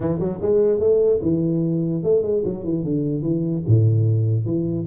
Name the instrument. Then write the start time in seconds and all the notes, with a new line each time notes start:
tuba
0.00 E3
0.19 F#3
0.41 G#3
0.79 A3
1.22 E3
2.03 A3
2.22 G#3
2.44 F#3
2.64 E3
2.84 D3
3.22 E3
3.67 A2
4.45 E3